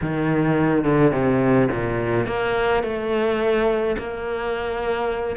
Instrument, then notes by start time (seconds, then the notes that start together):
cello
0.01 D#3
0.84 D3
1.11 C3
1.70 A#2
2.26 A#3
2.83 A3
3.98 A#3